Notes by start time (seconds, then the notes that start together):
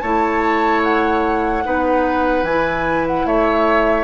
0.00 A3 E4 C#5 A5
0.83 F#5
1.64 B3 D#4 B4
2.43 E3 E4 G#5
3.07 F#5
3.26 A3 C#5 E5